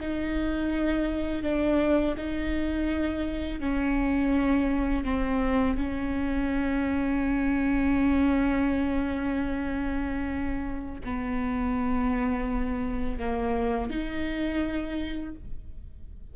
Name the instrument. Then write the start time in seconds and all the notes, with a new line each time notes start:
viola
0.00 D#4
1.43 D4
2.17 D#4
3.60 C#4
5.04 C4
5.77 C#4
11.04 B3
13.19 A#3
13.90 D#4